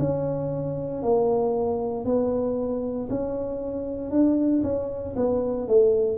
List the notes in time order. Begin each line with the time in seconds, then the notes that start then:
0.00 C#4
1.03 A#3
2.05 B3
3.10 C#4
4.11 D4
4.64 C#4
5.16 B3
5.68 A3